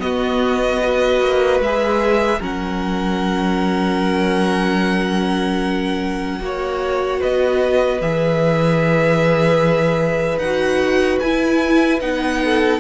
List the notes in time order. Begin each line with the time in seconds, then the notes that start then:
0.00 B3 F#4 D#5
0.84 F#4 B4
1.21 A#3
1.60 G#3 G#4 E5
2.40 F#3 C#4 A#4 F#5
6.40 A#3 F#4 C#5
7.21 B3 B4 D#5
8.01 E3 G#4 E5
10.38 D#4 F#5
10.45 F#4
11.20 E4 G#5
12.01 B3 D#4 F#5
12.45 A4